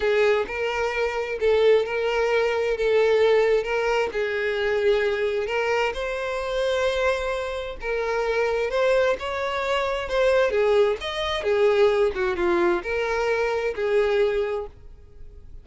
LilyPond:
\new Staff \with { instrumentName = "violin" } { \time 4/4 \tempo 4 = 131 gis'4 ais'2 a'4 | ais'2 a'2 | ais'4 gis'2. | ais'4 c''2.~ |
c''4 ais'2 c''4 | cis''2 c''4 gis'4 | dis''4 gis'4. fis'8 f'4 | ais'2 gis'2 | }